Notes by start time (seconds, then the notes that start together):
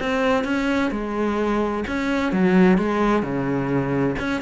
0.00 C4
0.45 C#4
0.91 G#3
1.88 C#4
2.33 F#3
2.78 G#3
3.23 C#3
4.19 C#4